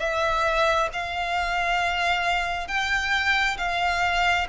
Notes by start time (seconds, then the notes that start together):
0.00 E5
0.93 F5
2.68 G5
3.58 F5